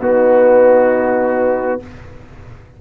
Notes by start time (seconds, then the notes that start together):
0.00 B3 D#4 F#4